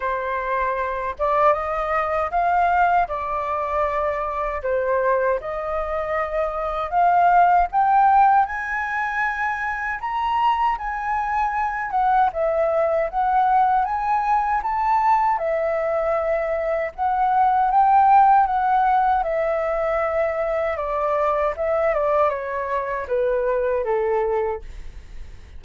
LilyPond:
\new Staff \with { instrumentName = "flute" } { \time 4/4 \tempo 4 = 78 c''4. d''8 dis''4 f''4 | d''2 c''4 dis''4~ | dis''4 f''4 g''4 gis''4~ | gis''4 ais''4 gis''4. fis''8 |
e''4 fis''4 gis''4 a''4 | e''2 fis''4 g''4 | fis''4 e''2 d''4 | e''8 d''8 cis''4 b'4 a'4 | }